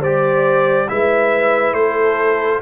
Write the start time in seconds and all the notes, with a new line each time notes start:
0.00 G3 G4 C5 D5
0.88 G#3 E4 B4 E5
1.73 A3 C5
1.79 A4